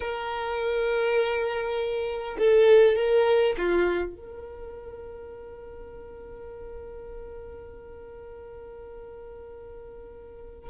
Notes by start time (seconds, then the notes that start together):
0.00 A#4
2.38 A4
2.96 A#4
3.57 F4
4.16 A#4